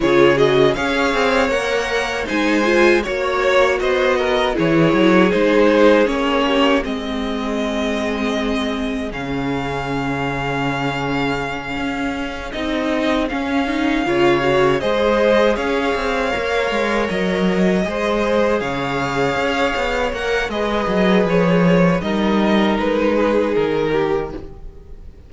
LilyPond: <<
  \new Staff \with { instrumentName = "violin" } { \time 4/4 \tempo 4 = 79 cis''8 dis''8 f''4 fis''4 gis''4 | cis''4 dis''4 cis''4 c''4 | cis''4 dis''2. | f''1~ |
f''8 dis''4 f''2 dis''8~ | dis''8 f''2 dis''4.~ | dis''8 f''2 fis''8 dis''4 | cis''4 dis''4 b'4 ais'4 | }
  \new Staff \with { instrumentName = "violin" } { \time 4/4 gis'4 cis''2 c''4 | cis''4 c''8 ais'8 gis'2~ | gis'8 g'8 gis'2.~ | gis'1~ |
gis'2~ gis'8 cis''4 c''8~ | c''8 cis''2. c''8~ | c''8 cis''2~ cis''8 b'4~ | b'4 ais'4. gis'4 g'8 | }
  \new Staff \with { instrumentName = "viola" } { \time 4/4 f'8 fis'8 gis'4 ais'4 dis'8 f'8 | fis'2 e'4 dis'4 | cis'4 c'2. | cis'1~ |
cis'8 dis'4 cis'8 dis'8 f'8 fis'8 gis'8~ | gis'4. ais'2 gis'8~ | gis'2~ gis'8 ais'8 gis'4~ | gis'4 dis'2. | }
  \new Staff \with { instrumentName = "cello" } { \time 4/4 cis4 cis'8 c'8 ais4 gis4 | ais4 b4 e8 fis8 gis4 | ais4 gis2. | cis2.~ cis8 cis'8~ |
cis'8 c'4 cis'4 cis4 gis8~ | gis8 cis'8 c'8 ais8 gis8 fis4 gis8~ | gis8 cis4 cis'8 b8 ais8 gis8 fis8 | f4 g4 gis4 dis4 | }
>>